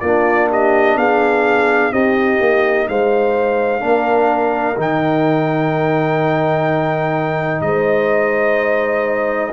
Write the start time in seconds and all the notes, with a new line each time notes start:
0.00 A#3 D4 F4 D5
0.49 G4 D#5
0.95 B3 G#4 F5
1.91 C4 D#4 G4 D#5
2.40 A#3
2.88 G#3 C5 F5
3.80 A#3 D4 A#4
4.76 D#3 D#4 G5
7.61 G#3 C5 D#5